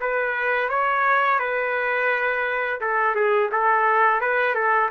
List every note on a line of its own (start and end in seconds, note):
0.00 0.69 B4
0.69 1.39 C#5
1.39 2.80 B4
2.80 3.15 A4
3.15 3.50 G#4
3.51 4.20 A4
4.20 4.54 B4
4.54 4.90 A4